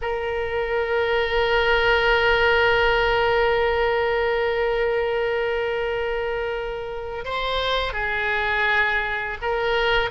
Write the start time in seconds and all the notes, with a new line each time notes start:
0.01 A#4
7.25 C5
7.93 G#4
9.41 A#4